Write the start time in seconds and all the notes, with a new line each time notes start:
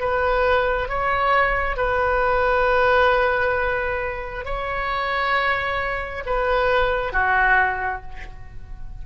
0.00 B4
0.89 C#5
1.77 B4
4.45 C#5
6.26 B4
7.13 F#4